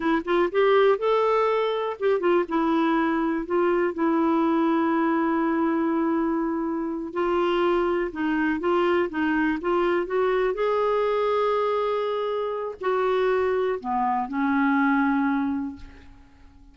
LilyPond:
\new Staff \with { instrumentName = "clarinet" } { \time 4/4 \tempo 4 = 122 e'8 f'8 g'4 a'2 | g'8 f'8 e'2 f'4 | e'1~ | e'2~ e'8 f'4.~ |
f'8 dis'4 f'4 dis'4 f'8~ | f'8 fis'4 gis'2~ gis'8~ | gis'2 fis'2 | b4 cis'2. | }